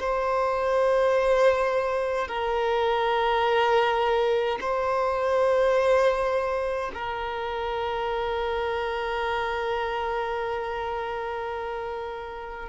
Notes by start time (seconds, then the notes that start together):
0.00 C5
2.28 A#4
4.60 C5
6.93 A#4